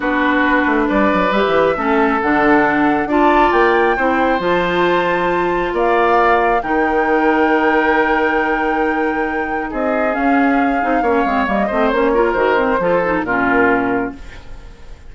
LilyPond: <<
  \new Staff \with { instrumentName = "flute" } { \time 4/4 \tempo 4 = 136 b'2 d''4 e''4~ | e''4 fis''2 a''4 | g''2 a''2~ | a''4 f''2 g''4~ |
g''1~ | g''2 dis''4 f''4~ | f''2 dis''4 cis''4 | c''2 ais'2 | }
  \new Staff \with { instrumentName = "oboe" } { \time 4/4 fis'2 b'2 | a'2. d''4~ | d''4 c''2.~ | c''4 d''2 ais'4~ |
ais'1~ | ais'2 gis'2~ | gis'4 cis''4. c''4 ais'8~ | ais'4 a'4 f'2 | }
  \new Staff \with { instrumentName = "clarinet" } { \time 4/4 d'2. g'4 | cis'4 d'2 f'4~ | f'4 e'4 f'2~ | f'2. dis'4~ |
dis'1~ | dis'2. cis'4~ | cis'8 dis'8 cis'8 c'8 ais8 c'8 cis'8 f'8 | fis'8 c'8 f'8 dis'8 cis'2 | }
  \new Staff \with { instrumentName = "bassoon" } { \time 4/4 b4. a8 g8 fis8 g16 e8. | a4 d2 d'4 | ais4 c'4 f2~ | f4 ais2 dis4~ |
dis1~ | dis2 c'4 cis'4~ | cis'8 c'8 ais8 gis8 g8 a8 ais4 | dis4 f4 ais,2 | }
>>